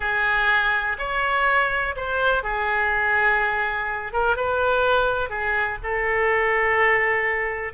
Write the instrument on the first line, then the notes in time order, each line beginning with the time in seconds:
oboe
0.00 G#4
0.98 C#5
1.96 C5
2.43 G#4
4.13 A#4
4.36 B4
5.29 G#4
5.83 A4